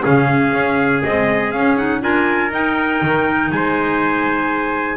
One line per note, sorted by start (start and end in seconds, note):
0.00 0.53 C#3
0.00 0.99 C#4
0.00 2.01 G#4
0.00 1.03 F5
0.53 1.02 C#4
1.03 1.53 G#3
1.03 1.54 C4
1.03 1.51 D#5
1.51 1.77 C#4
1.51 2.02 C#4
1.51 1.76 F5
1.77 2.01 D#4
1.77 2.02 F#5
2.01 2.51 D4
2.01 2.51 F4
2.01 3.52 A#4
2.01 2.52 G#5
2.51 3.00 D#4
2.51 4.96 D#4
2.51 3.51 G5
3.01 3.51 D#3
3.51 4.96 G#3
3.51 4.96 C5
3.51 4.96 G#5